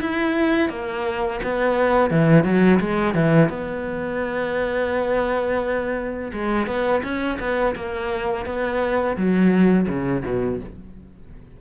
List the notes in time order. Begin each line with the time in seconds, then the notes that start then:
0.00 E4
0.69 A#3
1.43 B3
2.10 E3
2.44 F#3
2.79 G#3
3.14 E3
3.49 B3
6.32 G#3
6.66 B3
7.03 C#4
7.39 B3
7.75 A#3
8.45 B3
9.16 F#3
9.88 C#3
10.25 B2